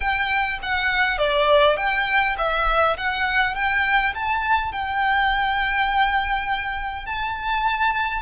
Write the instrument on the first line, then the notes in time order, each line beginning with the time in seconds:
violin
0.00 G5
0.62 F#5
1.18 D5
1.76 G5
2.37 E5
2.97 F#5
3.55 G5
4.14 A5
4.71 G5
7.06 A5